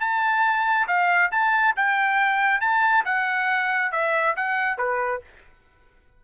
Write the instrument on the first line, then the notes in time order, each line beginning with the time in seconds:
trumpet
0.00 A5
0.87 F5
1.32 A5
1.76 G5
2.61 A5
3.05 F#5
3.92 E5
4.36 F#5
4.78 B4